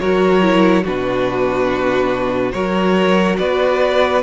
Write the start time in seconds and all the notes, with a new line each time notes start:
0.00 F#3 F#4 A#4 C#5
0.42 E4
0.84 B2 D4 F#4 B4
2.52 F#3 F#4 A#4 C#5
3.38 B3 B4 D5